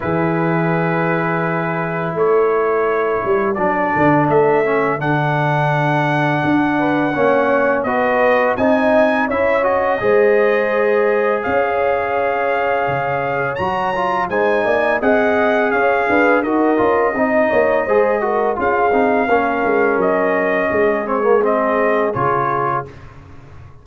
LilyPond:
<<
  \new Staff \with { instrumentName = "trumpet" } { \time 4/4 \tempo 4 = 84 b'2. cis''4~ | cis''4 d''4 e''4 fis''4~ | fis''2. dis''4 | gis''4 e''8 dis''2~ dis''8 |
f''2. ais''4 | gis''4 fis''4 f''4 dis''4~ | dis''2 f''2 | dis''4. cis''8 dis''4 cis''4 | }
  \new Staff \with { instrumentName = "horn" } { \time 4/4 gis'2. a'4~ | a'1~ | a'4. b'8 cis''4 b'4 | dis''4 cis''4 c''2 |
cis''1 | c''8 d''8 dis''4 cis''8 b'8 ais'4 | dis''8 cis''8 c''8 ais'8 gis'4 ais'4~ | ais'4 gis'2. | }
  \new Staff \with { instrumentName = "trombone" } { \time 4/4 e'1~ | e'4 d'4. cis'8 d'4~ | d'2 cis'4 fis'4 | dis'4 e'8 fis'8 gis'2~ |
gis'2. fis'8 f'8 | dis'4 gis'2 fis'8 f'8 | dis'4 gis'8 fis'8 f'8 dis'8 cis'4~ | cis'4. c'16 ais16 c'4 f'4 | }
  \new Staff \with { instrumentName = "tuba" } { \time 4/4 e2. a4~ | a8 g8 fis8 d8 a4 d4~ | d4 d'4 ais4 b4 | c'4 cis'4 gis2 |
cis'2 cis4 fis4 | gis8 ais8 c'4 cis'8 d'8 dis'8 cis'8 | c'8 ais8 gis4 cis'8 c'8 ais8 gis8 | fis4 gis2 cis4 | }
>>